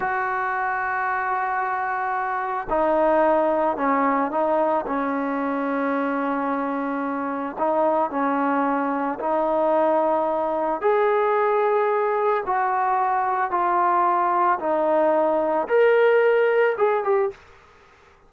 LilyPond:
\new Staff \with { instrumentName = "trombone" } { \time 4/4 \tempo 4 = 111 fis'1~ | fis'4 dis'2 cis'4 | dis'4 cis'2.~ | cis'2 dis'4 cis'4~ |
cis'4 dis'2. | gis'2. fis'4~ | fis'4 f'2 dis'4~ | dis'4 ais'2 gis'8 g'8 | }